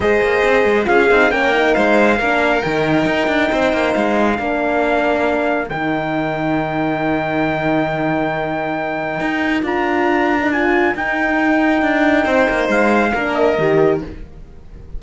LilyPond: <<
  \new Staff \with { instrumentName = "trumpet" } { \time 4/4 \tempo 4 = 137 dis''2 f''4 g''4 | f''2 g''2~ | g''4 f''2.~ | f''4 g''2.~ |
g''1~ | g''2 ais''2 | gis''4 g''2.~ | g''4 f''4. dis''4. | }
  \new Staff \with { instrumentName = "violin" } { \time 4/4 c''2 gis'4 ais'4 | c''4 ais'2. | c''2 ais'2~ | ais'1~ |
ais'1~ | ais'1~ | ais'1 | c''2 ais'2 | }
  \new Staff \with { instrumentName = "horn" } { \time 4/4 gis'2 f'8 dis'8 cis'8 dis'8~ | dis'4 d'4 dis'2~ | dis'2 d'2~ | d'4 dis'2.~ |
dis'1~ | dis'2 f'4.~ f'16 dis'16 | f'4 dis'2.~ | dis'2 d'4 g'4 | }
  \new Staff \with { instrumentName = "cello" } { \time 4/4 gis8 ais8 c'8 gis8 cis'8 c'8 ais4 | gis4 ais4 dis4 dis'8 d'8 | c'8 ais8 gis4 ais2~ | ais4 dis2.~ |
dis1~ | dis4 dis'4 d'2~ | d'4 dis'2 d'4 | c'8 ais8 gis4 ais4 dis4 | }
>>